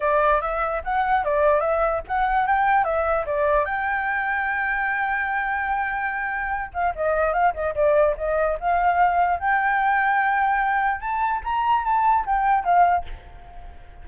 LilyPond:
\new Staff \with { instrumentName = "flute" } { \time 4/4 \tempo 4 = 147 d''4 e''4 fis''4 d''4 | e''4 fis''4 g''4 e''4 | d''4 g''2.~ | g''1~ |
g''8 f''8 dis''4 f''8 dis''8 d''4 | dis''4 f''2 g''4~ | g''2. a''4 | ais''4 a''4 g''4 f''4 | }